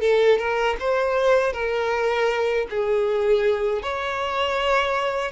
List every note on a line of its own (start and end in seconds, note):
0.00 0.38 A4
0.38 0.76 A#4
0.80 1.53 C5
1.53 2.67 A#4
2.70 3.82 G#4
3.82 5.31 C#5